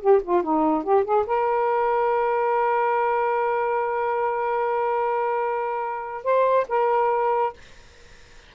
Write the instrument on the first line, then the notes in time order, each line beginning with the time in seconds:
saxophone
0.00 G4
0.22 F4
0.43 D#4
0.83 G4
1.04 G#4
1.26 A#4
6.24 C5
6.68 A#4